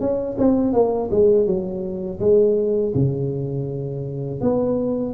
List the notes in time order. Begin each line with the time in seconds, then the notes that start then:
0.00 C#4
0.38 C4
0.73 A#3
1.11 G#3
1.46 F#3
2.20 G#3
2.94 C#3
4.41 B3